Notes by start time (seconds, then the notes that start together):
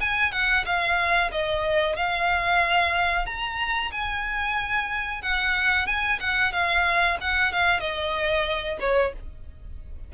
0.00 G#5
0.32 F#5
0.65 F5
1.31 D#5
1.96 F5
3.26 A#5
3.91 G#5
5.22 F#5
5.87 G#5
6.20 F#5
6.52 F5
7.20 F#5
7.52 F5
7.80 D#5
8.80 C#5